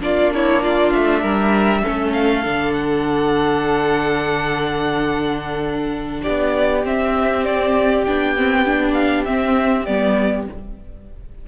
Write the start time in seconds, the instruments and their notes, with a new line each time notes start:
0.00 cello A#3, viola D4, violin F4 D5
0.34 violin E4 C#5
0.62 violin F4 D5
0.93 cello A3, violin E5
1.21 cello G3, violin A#4
1.82 cello A3, viola C#4, violin A4
2.12 violin F5
2.43 cello D3, viola D4
2.73 violin F#5
6.22 cello B3, violin G4 D5
6.82 viola C4, cello C4, violin E5
7.44 violin D5
8.05 cello B3, viola D4, violin G5
8.36 viola C4
8.65 viola D4
8.93 violin F5
9.24 viola C4, cello C4, violin E5
9.85 cello G3, viola B3, violin D5